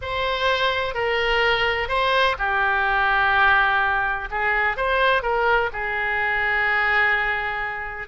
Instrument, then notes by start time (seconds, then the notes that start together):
oboe
0.01 C5
0.94 A#4
1.88 C5
2.38 G4
4.31 G#4
4.76 C5
5.22 A#4
5.72 G#4